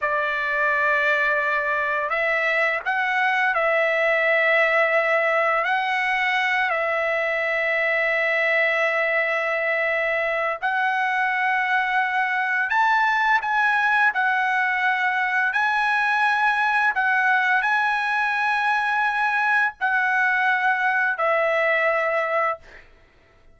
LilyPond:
\new Staff \with { instrumentName = "trumpet" } { \time 4/4 \tempo 4 = 85 d''2. e''4 | fis''4 e''2. | fis''4. e''2~ e''8~ | e''2. fis''4~ |
fis''2 a''4 gis''4 | fis''2 gis''2 | fis''4 gis''2. | fis''2 e''2 | }